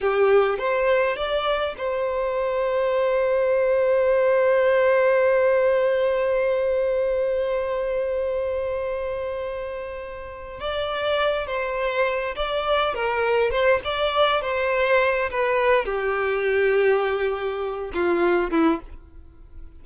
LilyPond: \new Staff \with { instrumentName = "violin" } { \time 4/4 \tempo 4 = 102 g'4 c''4 d''4 c''4~ | c''1~ | c''1~ | c''1~ |
c''2 d''4. c''8~ | c''4 d''4 ais'4 c''8 d''8~ | d''8 c''4. b'4 g'4~ | g'2~ g'8 f'4 e'8 | }